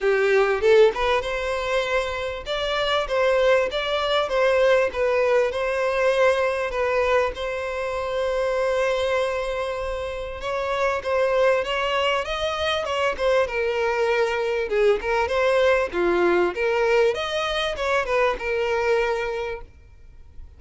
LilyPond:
\new Staff \with { instrumentName = "violin" } { \time 4/4 \tempo 4 = 98 g'4 a'8 b'8 c''2 | d''4 c''4 d''4 c''4 | b'4 c''2 b'4 | c''1~ |
c''4 cis''4 c''4 cis''4 | dis''4 cis''8 c''8 ais'2 | gis'8 ais'8 c''4 f'4 ais'4 | dis''4 cis''8 b'8 ais'2 | }